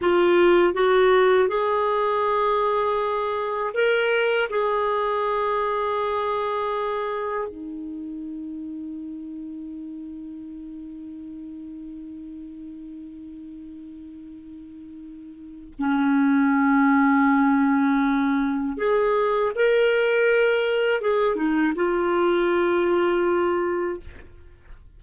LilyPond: \new Staff \with { instrumentName = "clarinet" } { \time 4/4 \tempo 4 = 80 f'4 fis'4 gis'2~ | gis'4 ais'4 gis'2~ | gis'2 dis'2~ | dis'1~ |
dis'1~ | dis'4 cis'2.~ | cis'4 gis'4 ais'2 | gis'8 dis'8 f'2. | }